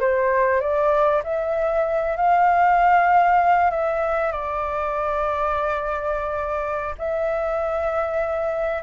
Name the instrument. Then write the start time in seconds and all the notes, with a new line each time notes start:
flute
0.00 C5
0.60 D5
1.24 E5
2.17 F5
3.70 E5
4.32 D5
6.98 E5